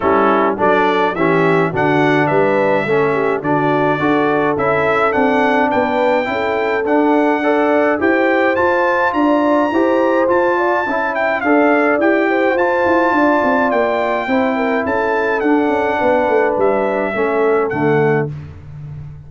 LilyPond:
<<
  \new Staff \with { instrumentName = "trumpet" } { \time 4/4 \tempo 4 = 105 a'4 d''4 e''4 fis''4 | e''2 d''2 | e''4 fis''4 g''2 | fis''2 g''4 a''4 |
ais''2 a''4. g''8 | f''4 g''4 a''2 | g''2 a''4 fis''4~ | fis''4 e''2 fis''4 | }
  \new Staff \with { instrumentName = "horn" } { \time 4/4 e'4 a'4 g'4 fis'4 | b'4 a'8 g'8 fis'4 a'4~ | a'2 b'4 a'4~ | a'4 d''4 c''2 |
d''4 c''4. d''8 e''4 | d''4. c''4. d''4~ | d''4 c''8 ais'8 a'2 | b'2 a'2 | }
  \new Staff \with { instrumentName = "trombone" } { \time 4/4 cis'4 d'4 cis'4 d'4~ | d'4 cis'4 d'4 fis'4 | e'4 d'2 e'4 | d'4 a'4 g'4 f'4~ |
f'4 g'4 f'4 e'4 | a'4 g'4 f'2~ | f'4 e'2 d'4~ | d'2 cis'4 a4 | }
  \new Staff \with { instrumentName = "tuba" } { \time 4/4 g4 fis4 e4 d4 | g4 a4 d4 d'4 | cis'4 c'4 b4 cis'4 | d'2 e'4 f'4 |
d'4 e'4 f'4 cis'4 | d'4 e'4 f'8 e'8 d'8 c'8 | ais4 c'4 cis'4 d'8 cis'8 | b8 a8 g4 a4 d4 | }
>>